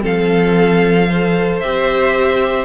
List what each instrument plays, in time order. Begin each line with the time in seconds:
0.00 cello F3, viola C4, violin A4 F5
1.09 viola A4, violin C5
1.60 cello C4, viola G4, violin E5